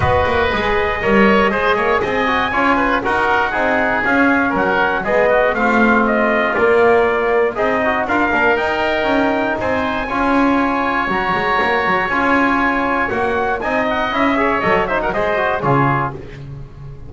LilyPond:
<<
  \new Staff \with { instrumentName = "trumpet" } { \time 4/4 \tempo 4 = 119 dis''1 | gis''2 fis''2 | f''4 fis''4 dis''4 f''4 | dis''4 d''2 dis''4 |
f''4 g''2 gis''4~ | gis''2 ais''2 | gis''2 fis''4 gis''8 fis''8 | e''4 dis''8 e''16 fis''16 dis''4 cis''4 | }
  \new Staff \with { instrumentName = "oboe" } { \time 4/4 b'2 cis''4 c''8 cis''8 | dis''4 cis''8 b'8 ais'4 gis'4~ | gis'4 ais'4 gis'8 fis'8 f'4~ | f'2. dis'4 |
ais'2. c''4 | cis''1~ | cis''2. dis''4~ | dis''8 cis''4 c''16 ais'16 c''4 gis'4 | }
  \new Staff \with { instrumentName = "trombone" } { \time 4/4 fis'4 gis'4 ais'4 gis'4~ | gis'8 fis'8 f'4 fis'4 dis'4 | cis'2 b4 c'4~ | c'4 ais2 gis'8 fis'8 |
f'8 d'8 dis'2. | f'2 fis'2 | f'2 fis'4 dis'4 | e'8 gis'8 a'8 dis'8 gis'8 fis'8 f'4 | }
  \new Staff \with { instrumentName = "double bass" } { \time 4/4 b8 ais8 gis4 g4 gis8 ais8 | c'4 cis'4 dis'4 c'4 | cis'4 fis4 gis4 a4~ | a4 ais2 c'4 |
d'8 ais8 dis'4 cis'4 c'4 | cis'2 fis8 gis8 ais8 fis8 | cis'2 ais4 c'4 | cis'4 fis4 gis4 cis4 | }
>>